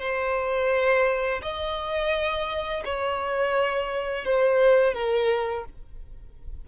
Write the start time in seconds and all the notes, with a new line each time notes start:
0.00 C5
1.42 D#5
2.85 C#5
4.25 C5
4.94 A#4